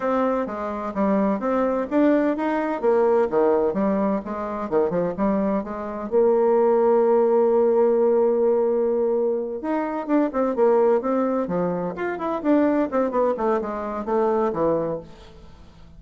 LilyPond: \new Staff \with { instrumentName = "bassoon" } { \time 4/4 \tempo 4 = 128 c'4 gis4 g4 c'4 | d'4 dis'4 ais4 dis4 | g4 gis4 dis8 f8 g4 | gis4 ais2.~ |
ais1~ | ais8 dis'4 d'8 c'8 ais4 c'8~ | c'8 f4 f'8 e'8 d'4 c'8 | b8 a8 gis4 a4 e4 | }